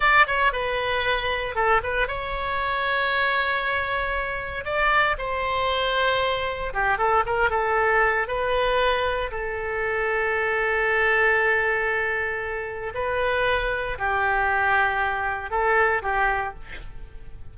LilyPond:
\new Staff \with { instrumentName = "oboe" } { \time 4/4 \tempo 4 = 116 d''8 cis''8 b'2 a'8 b'8 | cis''1~ | cis''4 d''4 c''2~ | c''4 g'8 a'8 ais'8 a'4. |
b'2 a'2~ | a'1~ | a'4 b'2 g'4~ | g'2 a'4 g'4 | }